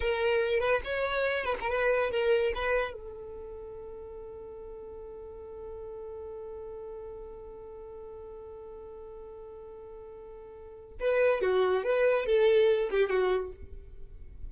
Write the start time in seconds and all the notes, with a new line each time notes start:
0.00 A#4
0.60 B4
0.84 C#5
1.44 B4
1.60 A#4
1.69 B4
2.10 A#4
2.54 B4
2.93 A4
11.00 B4
11.41 F#4
11.83 B4
12.26 A4
12.90 G4
13.09 F#4